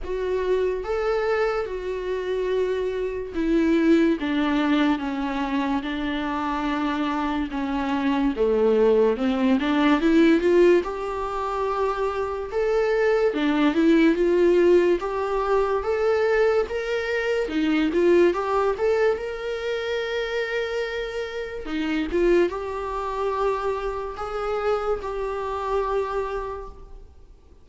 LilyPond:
\new Staff \with { instrumentName = "viola" } { \time 4/4 \tempo 4 = 72 fis'4 a'4 fis'2 | e'4 d'4 cis'4 d'4~ | d'4 cis'4 a4 c'8 d'8 | e'8 f'8 g'2 a'4 |
d'8 e'8 f'4 g'4 a'4 | ais'4 dis'8 f'8 g'8 a'8 ais'4~ | ais'2 dis'8 f'8 g'4~ | g'4 gis'4 g'2 | }